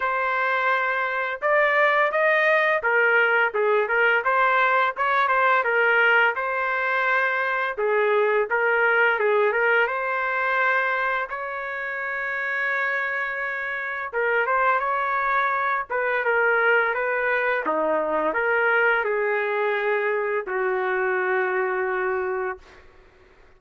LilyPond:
\new Staff \with { instrumentName = "trumpet" } { \time 4/4 \tempo 4 = 85 c''2 d''4 dis''4 | ais'4 gis'8 ais'8 c''4 cis''8 c''8 | ais'4 c''2 gis'4 | ais'4 gis'8 ais'8 c''2 |
cis''1 | ais'8 c''8 cis''4. b'8 ais'4 | b'4 dis'4 ais'4 gis'4~ | gis'4 fis'2. | }